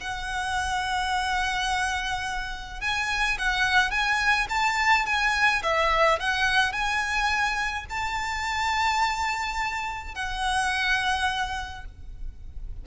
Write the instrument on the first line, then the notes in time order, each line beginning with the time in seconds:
violin
0.00 F#5
2.80 G#5
3.38 F#5
3.90 G#5
4.49 A5
5.06 G#5
5.62 E5
6.19 F#5
6.72 G#5
7.89 A5
10.14 F#5